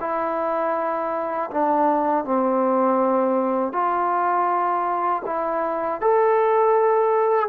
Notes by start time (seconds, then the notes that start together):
0.00 E4
1.50 D4
2.25 C4
3.72 F4
5.26 E4
6.01 A4